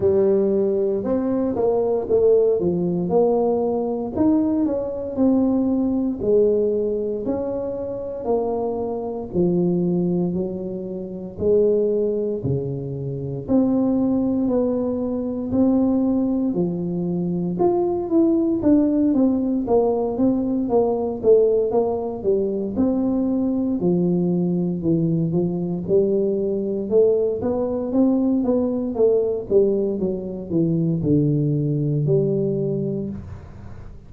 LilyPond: \new Staff \with { instrumentName = "tuba" } { \time 4/4 \tempo 4 = 58 g4 c'8 ais8 a8 f8 ais4 | dis'8 cis'8 c'4 gis4 cis'4 | ais4 f4 fis4 gis4 | cis4 c'4 b4 c'4 |
f4 f'8 e'8 d'8 c'8 ais8 c'8 | ais8 a8 ais8 g8 c'4 f4 | e8 f8 g4 a8 b8 c'8 b8 | a8 g8 fis8 e8 d4 g4 | }